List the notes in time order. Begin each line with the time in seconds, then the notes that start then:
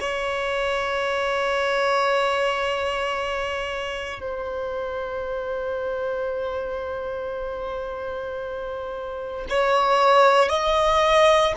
0.00 C#5
4.20 C5
9.50 C#5
10.49 D#5